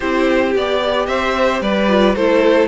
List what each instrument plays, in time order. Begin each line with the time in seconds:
0.00 cello C4, viola E4, violin G4 C5
0.55 cello B3, viola G4, violin D5
1.06 cello C4, violin C5 E5
1.61 cello G3, violin B4 D5
1.88 viola F4
2.15 cello A3, viola E4, violin A4 C5